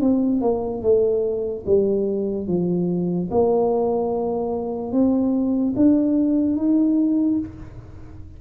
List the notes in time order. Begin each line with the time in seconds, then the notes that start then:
0.00 C4
0.41 A#3
0.82 A3
1.66 G3
2.47 F3
3.31 A#3
4.91 C4
5.75 D4
6.56 D#4